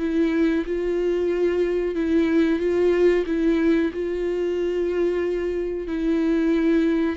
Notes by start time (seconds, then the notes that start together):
0.00 E4
0.66 F4
1.95 E4
2.60 F4
3.27 E4
3.94 F4
5.88 E4